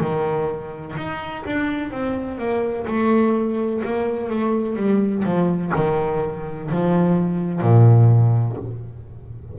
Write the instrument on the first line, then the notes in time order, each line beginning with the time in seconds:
double bass
0.00 D#3
0.97 D#4
1.46 D4
1.91 C4
2.39 A#3
2.87 A3
3.84 A#3
4.29 A3
4.76 G3
5.25 F3
5.75 D#3
6.71 F3
7.61 A#2